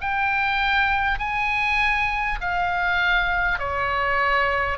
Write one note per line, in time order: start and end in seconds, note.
0.00 1.18 G5
1.18 2.38 G#5
2.40 3.58 F5
3.58 4.78 C#5